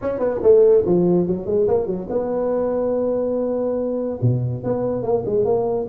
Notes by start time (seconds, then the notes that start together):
0.01 C#4
0.19 B3
0.43 A3
0.85 F3
1.27 F#3
1.46 G#3
1.67 A#3
1.86 F#3
2.09 B3
4.21 B2
4.63 B3
5.02 A#3
5.25 G#3
5.45 A#3